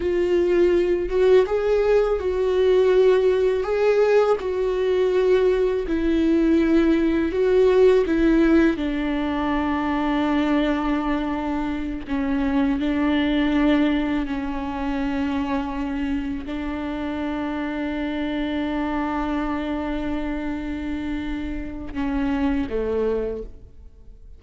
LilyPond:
\new Staff \with { instrumentName = "viola" } { \time 4/4 \tempo 4 = 82 f'4. fis'8 gis'4 fis'4~ | fis'4 gis'4 fis'2 | e'2 fis'4 e'4 | d'1~ |
d'8 cis'4 d'2 cis'8~ | cis'2~ cis'8 d'4.~ | d'1~ | d'2 cis'4 a4 | }